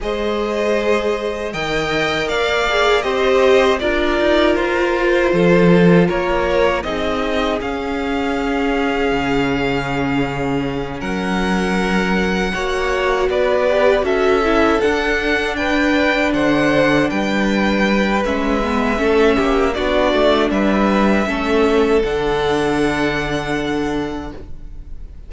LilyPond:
<<
  \new Staff \with { instrumentName = "violin" } { \time 4/4 \tempo 4 = 79 dis''2 g''4 f''4 | dis''4 d''4 c''2 | cis''4 dis''4 f''2~ | f''2~ f''8 fis''4.~ |
fis''4. d''4 e''4 fis''8~ | fis''8 g''4 fis''4 g''4. | e''2 d''4 e''4~ | e''4 fis''2. | }
  \new Staff \with { instrumentName = "violin" } { \time 4/4 c''2 dis''4 d''4 | c''4 ais'2 a'4 | ais'4 gis'2.~ | gis'2~ gis'8 ais'4.~ |
ais'8 cis''4 b'4 a'4.~ | a'8 b'4 c''4 b'4.~ | b'4 a'8 g'8 fis'4 b'4 | a'1 | }
  \new Staff \with { instrumentName = "viola" } { \time 4/4 gis'2 ais'4. gis'8 | g'4 f'2.~ | f'4 dis'4 cis'2~ | cis'1~ |
cis'8 fis'4. g'8 fis'8 e'8 d'8~ | d'1 | cis'8 b8 cis'4 d'2 | cis'4 d'2. | }
  \new Staff \with { instrumentName = "cello" } { \time 4/4 gis2 dis4 ais4 | c'4 d'8 dis'8 f'4 f4 | ais4 c'4 cis'2 | cis2~ cis8 fis4.~ |
fis8 ais4 b4 cis'4 d'8~ | d'4. d4 g4. | gis4 a8 ais8 b8 a8 g4 | a4 d2. | }
>>